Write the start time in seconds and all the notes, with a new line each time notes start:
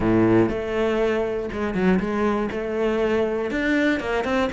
0.00 A2
0.49 A3
1.52 G#3
1.74 F#3
1.99 G#3
2.51 A3
3.50 D4
4.00 A#3
4.24 C4